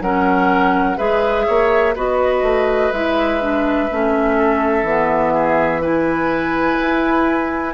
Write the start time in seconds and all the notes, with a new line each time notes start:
0.00 F#3 C#4 A#4 F#5
0.97 G#3 G#4 B4 E5
1.46 A#3 C#5
1.95 B3 F#4 B4 D#5
2.42 A3
2.92 G#3 E4 E5
3.41 D4
3.91 A3 C#4
4.37 A4
4.83 E3 B3
5.33 G#4
5.81 E4 B4 G#5
6.81 E4